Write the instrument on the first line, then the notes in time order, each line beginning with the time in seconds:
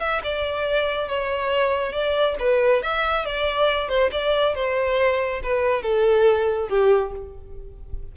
violin
0.00 E5
0.24 D5
1.09 C#5
1.93 D5
2.39 B4
2.83 E5
3.26 D5
3.89 C5
4.12 D5
4.55 C5
5.43 B4
5.83 A4
6.69 G4